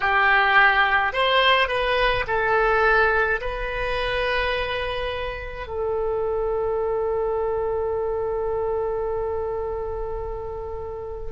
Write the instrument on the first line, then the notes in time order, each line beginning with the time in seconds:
oboe
0.00 G4
1.13 C5
1.68 B4
2.27 A4
3.41 B4
5.67 A4